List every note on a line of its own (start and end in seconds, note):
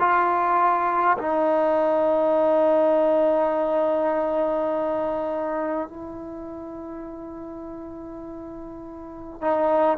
0.00 1.18 F4
1.18 5.88 D#4
5.88 9.41 E4
9.41 9.98 D#4